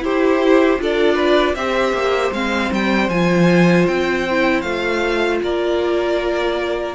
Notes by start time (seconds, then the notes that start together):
0.00 E4 G4 C5
0.79 D4 F4 A4 D5
1.15 B4
1.55 C4 G4 C5 E5
1.93 A#3
2.32 G#3 C4 F5
2.72 G3 G5
3.09 F3 F4 G#5
3.87 C4 G5
4.31 E4
4.62 A3 F4 F5
5.43 A#3 A#4 D5